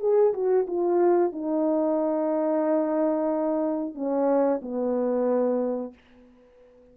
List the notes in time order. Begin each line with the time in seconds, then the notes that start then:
0.00 G#4
0.33 F#4
0.67 F4
1.32 D#4
3.95 C#4
4.62 B3